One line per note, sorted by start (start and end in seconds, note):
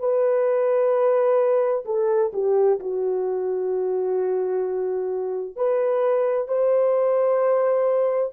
0.00 1.85 B4
1.86 2.32 A4
2.34 2.80 G4
2.80 5.56 F#4
5.56 6.48 B4
6.48 8.33 C5